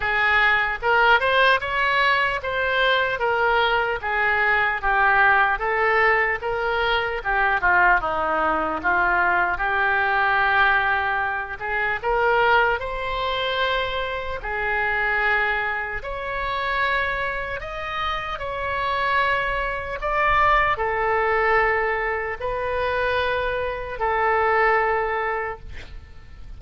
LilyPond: \new Staff \with { instrumentName = "oboe" } { \time 4/4 \tempo 4 = 75 gis'4 ais'8 c''8 cis''4 c''4 | ais'4 gis'4 g'4 a'4 | ais'4 g'8 f'8 dis'4 f'4 | g'2~ g'8 gis'8 ais'4 |
c''2 gis'2 | cis''2 dis''4 cis''4~ | cis''4 d''4 a'2 | b'2 a'2 | }